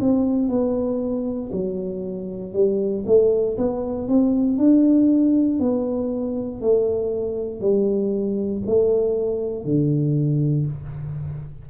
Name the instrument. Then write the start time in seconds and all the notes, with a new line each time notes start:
tuba
0.00 C4
0.49 B3
1.53 F#3
2.54 G3
3.06 A3
3.58 B3
4.09 C4
4.58 D4
5.59 B3
6.61 A3
7.60 G3
8.66 A3
9.65 D3